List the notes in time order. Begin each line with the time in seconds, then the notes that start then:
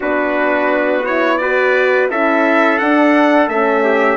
0.00 B3 D4 F#4 B4
1.05 E4 C#5
1.37 F#4 B4 D5
2.10 C#4 E4 A4 E5
2.78 D4 F#5
3.48 A3 C#4 E5
3.83 G4